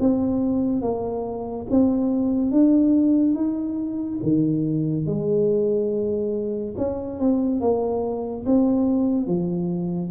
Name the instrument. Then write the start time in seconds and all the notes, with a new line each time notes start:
tuba
0.00 C4
0.82 A#3
1.71 C4
2.52 D4
3.35 D#4
4.23 D#3
5.06 G#3
6.78 C#4
7.20 C4
7.61 A#3
8.46 C4
9.27 F3